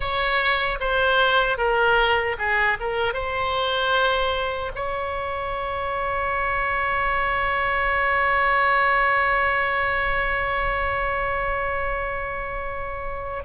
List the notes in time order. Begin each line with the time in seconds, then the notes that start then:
0.00 C#5
0.80 C5
1.57 A#4
2.38 G#4
2.80 A#4
3.13 C5
4.75 C#5